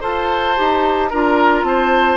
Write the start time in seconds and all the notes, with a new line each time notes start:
0.00 F4 A4 C5 A5
0.56 D#4 G4
1.09 D4 F4 A#4 A#5
1.63 C4 C5 A5